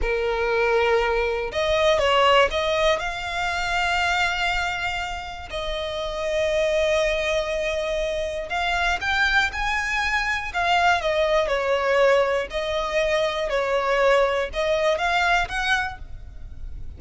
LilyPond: \new Staff \with { instrumentName = "violin" } { \time 4/4 \tempo 4 = 120 ais'2. dis''4 | cis''4 dis''4 f''2~ | f''2. dis''4~ | dis''1~ |
dis''4 f''4 g''4 gis''4~ | gis''4 f''4 dis''4 cis''4~ | cis''4 dis''2 cis''4~ | cis''4 dis''4 f''4 fis''4 | }